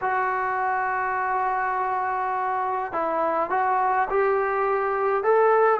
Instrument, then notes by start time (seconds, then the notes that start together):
trombone
0.01 F#4
2.92 E4
3.50 F#4
4.10 G4
5.23 A4